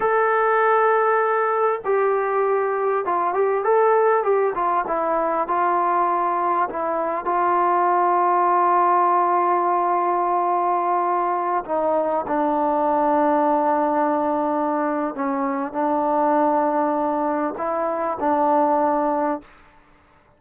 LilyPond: \new Staff \with { instrumentName = "trombone" } { \time 4/4 \tempo 4 = 99 a'2. g'4~ | g'4 f'8 g'8 a'4 g'8 f'8 | e'4 f'2 e'4 | f'1~ |
f'2.~ f'16 dis'8.~ | dis'16 d'2.~ d'8.~ | d'4 cis'4 d'2~ | d'4 e'4 d'2 | }